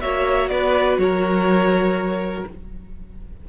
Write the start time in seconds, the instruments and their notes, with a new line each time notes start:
0.00 cello A#3, viola F#4, violin C#5 E5
0.49 cello B3, violin B4 D5
0.97 cello F#3, violin A#4 C#5